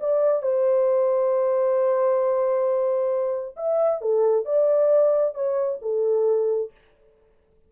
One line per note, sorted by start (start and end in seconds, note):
0.00 0.43 D5
0.43 3.56 C5
3.57 4.02 E5
4.02 4.46 A4
4.46 5.35 D5
5.35 5.79 C#5
5.82 6.71 A4